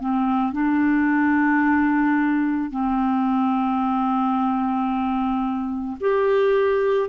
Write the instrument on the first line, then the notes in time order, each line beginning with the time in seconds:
clarinet
0.00 C4
0.52 D4
2.70 C4
6.00 G4